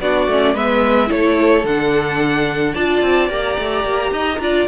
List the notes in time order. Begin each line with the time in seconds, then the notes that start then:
0.00 B3 D4 F#4 D5
0.27 A3 C#4
0.54 G#3 B3 B4 E5
1.07 A3 E4 A4 C#5
1.64 D3 D4 F#5
2.73 D4 F4 D5 A5
3.01 C4
3.29 A#3 G4 A#5
3.58 A3
3.84 A#3
4.11 D#4 D#5
4.39 D4 F4 D5